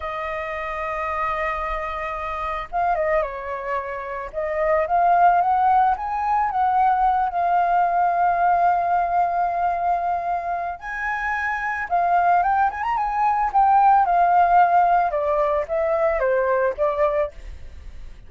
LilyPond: \new Staff \with { instrumentName = "flute" } { \time 4/4 \tempo 4 = 111 dis''1~ | dis''4 f''8 dis''8 cis''2 | dis''4 f''4 fis''4 gis''4 | fis''4. f''2~ f''8~ |
f''1 | gis''2 f''4 g''8 gis''16 ais''16 | gis''4 g''4 f''2 | d''4 e''4 c''4 d''4 | }